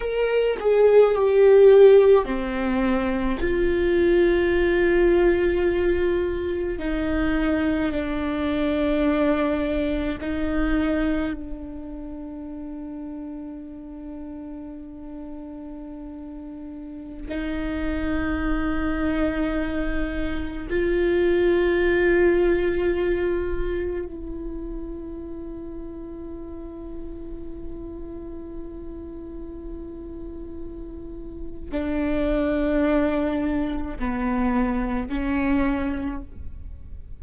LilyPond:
\new Staff \with { instrumentName = "viola" } { \time 4/4 \tempo 4 = 53 ais'8 gis'8 g'4 c'4 f'4~ | f'2 dis'4 d'4~ | d'4 dis'4 d'2~ | d'2.~ d'16 dis'8.~ |
dis'2~ dis'16 f'4.~ f'16~ | f'4~ f'16 e'2~ e'8.~ | e'1 | d'2 b4 cis'4 | }